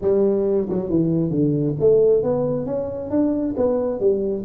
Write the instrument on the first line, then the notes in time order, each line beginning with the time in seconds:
tuba
0.01 G3
0.69 F#3
0.89 E3
1.30 D3
1.80 A3
2.22 B3
2.65 C#4
3.10 D4
3.57 B3
4.00 G3